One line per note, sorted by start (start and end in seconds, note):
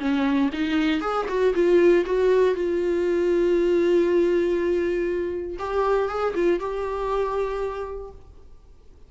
0.00 0.50 C#4
0.53 1.01 D#4
1.01 1.27 G#4
1.29 1.54 F#4
1.55 2.05 F4
2.06 2.55 F#4
2.55 5.58 F4
5.59 6.09 G4
6.09 6.34 G#4
6.35 6.60 F4
6.60 8.11 G4